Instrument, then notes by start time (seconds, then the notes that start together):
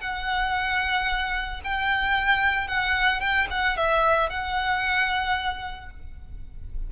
violin
0.00 F#5
1.64 G5
2.67 F#5
3.20 G5
3.50 F#5
3.76 E5
4.29 F#5